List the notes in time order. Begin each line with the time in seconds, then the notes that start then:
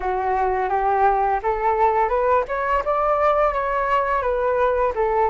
0.00 F#4
0.69 G4
1.42 A4
2.08 B4
2.47 C#5
2.84 D5
3.53 C#5
4.22 B4
4.95 A4